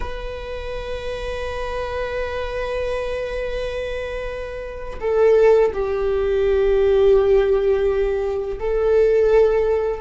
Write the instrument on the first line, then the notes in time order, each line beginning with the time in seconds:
viola
0.00 B4
5.00 A4
5.73 G4
8.59 A4